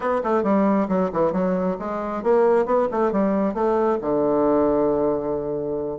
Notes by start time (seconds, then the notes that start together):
0.00 B3
0.23 A3
0.43 G3
0.88 F#3
1.12 E3
1.32 F#3
1.79 G#3
2.23 A#3
2.65 B3
2.91 A3
3.12 G3
3.54 A3
4.01 D3